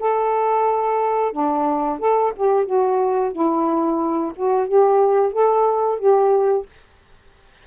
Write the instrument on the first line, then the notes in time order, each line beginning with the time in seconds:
saxophone
0.00 A4
1.33 D4
2.00 A4
2.37 G4
2.66 F#4
3.33 E4
4.36 F#4
4.68 G4
5.33 A4
5.99 G4